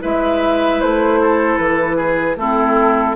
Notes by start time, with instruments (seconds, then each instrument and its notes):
0.00 bassoon G#3, clarinet E4, oboe B4, flute E5
0.80 bassoon A3, flute C5
1.21 oboe A4
1.57 bassoon E3, flute B4
1.96 oboe G#4
2.36 bassoon A3, clarinet C4, oboe E4, flute A4